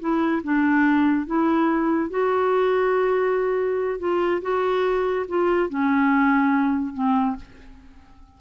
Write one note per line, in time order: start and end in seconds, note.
0.00 0.42 E4
0.44 1.27 D4
1.27 2.10 E4
2.10 3.99 F#4
3.99 4.42 F4
4.42 5.26 F#4
5.29 5.69 F4
5.69 6.94 C#4
6.94 7.36 C4